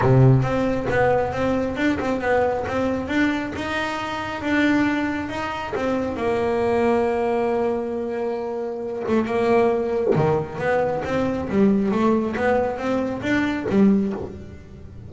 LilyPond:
\new Staff \with { instrumentName = "double bass" } { \time 4/4 \tempo 4 = 136 c4 c'4 b4 c'4 | d'8 c'8 b4 c'4 d'4 | dis'2 d'2 | dis'4 c'4 ais2~ |
ais1~ | ais8 a8 ais2 dis4 | b4 c'4 g4 a4 | b4 c'4 d'4 g4 | }